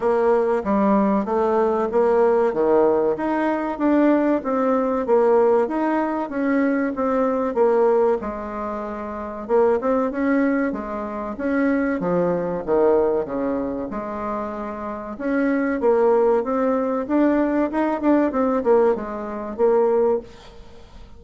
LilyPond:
\new Staff \with { instrumentName = "bassoon" } { \time 4/4 \tempo 4 = 95 ais4 g4 a4 ais4 | dis4 dis'4 d'4 c'4 | ais4 dis'4 cis'4 c'4 | ais4 gis2 ais8 c'8 |
cis'4 gis4 cis'4 f4 | dis4 cis4 gis2 | cis'4 ais4 c'4 d'4 | dis'8 d'8 c'8 ais8 gis4 ais4 | }